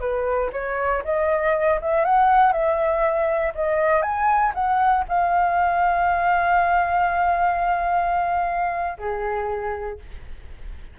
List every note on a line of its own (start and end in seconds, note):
0.00 0.50 B4
0.52 1.03 C#5
1.04 1.80 D#5
1.81 2.05 E5
2.05 2.52 F#5
2.52 3.53 E5
3.55 4.02 D#5
4.02 4.52 G#5
4.54 5.05 F#5
5.08 8.98 F5
8.98 9.99 G#4